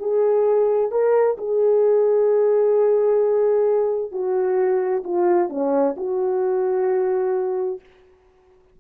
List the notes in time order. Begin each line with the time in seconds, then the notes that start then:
0.00 G#4
0.91 A#4
1.38 G#4
4.12 F#4
5.04 F4
5.50 C#4
5.97 F#4